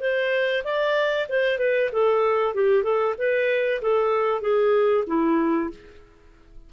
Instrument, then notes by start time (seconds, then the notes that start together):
clarinet
0.00 C5
0.64 D5
1.29 C5
1.58 B4
1.92 A4
2.54 G4
2.83 A4
3.18 B4
3.82 A4
4.41 G#4
5.06 E4